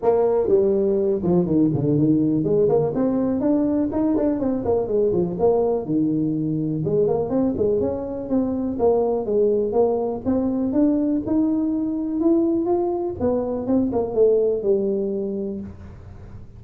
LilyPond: \new Staff \with { instrumentName = "tuba" } { \time 4/4 \tempo 4 = 123 ais4 g4. f8 dis8 d8 | dis4 gis8 ais8 c'4 d'4 | dis'8 d'8 c'8 ais8 gis8 f8 ais4 | dis2 gis8 ais8 c'8 gis8 |
cis'4 c'4 ais4 gis4 | ais4 c'4 d'4 dis'4~ | dis'4 e'4 f'4 b4 | c'8 ais8 a4 g2 | }